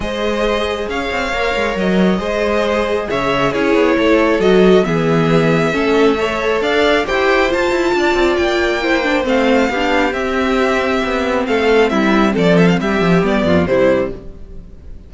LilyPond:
<<
  \new Staff \with { instrumentName = "violin" } { \time 4/4 \tempo 4 = 136 dis''2 f''2 | dis''2. e''4 | cis''2 dis''4 e''4~ | e''2. f''4 |
g''4 a''2 g''4~ | g''4 f''2 e''4~ | e''2 f''4 e''4 | d''8 e''16 f''16 e''4 d''4 c''4 | }
  \new Staff \with { instrumentName = "violin" } { \time 4/4 c''2 cis''2~ | cis''4 c''2 cis''4 | gis'4 a'2 gis'4~ | gis'4 a'4 cis''4 d''4 |
c''2 d''2 | c''2 g'2~ | g'2 a'4 e'4 | a'4 g'4. f'8 e'4 | }
  \new Staff \with { instrumentName = "viola" } { \time 4/4 gis'2. ais'4~ | ais'4 gis'2. | e'2 fis'4 b4~ | b4 cis'4 a'2 |
g'4 f'2. | e'8 d'8 c'4 d'4 c'4~ | c'1~ | c'2 b4 g4 | }
  \new Staff \with { instrumentName = "cello" } { \time 4/4 gis2 cis'8 c'8 ais8 gis8 | fis4 gis2 cis4 | cis'8 b8 a4 fis4 e4~ | e4 a2 d'4 |
e'4 f'8 e'8 d'8 c'8 ais4~ | ais4 a4 b4 c'4~ | c'4 b4 a4 g4 | f4 g8 f8 g8 f,8 c4 | }
>>